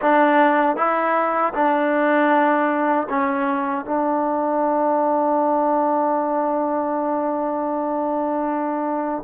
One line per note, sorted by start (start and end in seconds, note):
0.01 0.76 D4
0.76 1.53 E4
1.53 3.07 D4
3.09 3.85 C#4
3.85 9.23 D4